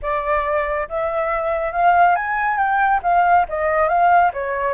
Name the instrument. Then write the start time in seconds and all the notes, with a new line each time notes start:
flute
0.02 D5
0.88 E5
1.72 F5
2.15 G#5
2.57 G5
3.02 F5
3.48 D#5
3.88 F5
4.33 C#5